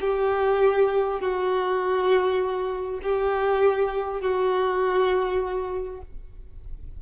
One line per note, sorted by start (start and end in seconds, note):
0.00 1.20 G4
1.20 3.00 F#4
3.03 4.20 G4
4.20 6.00 F#4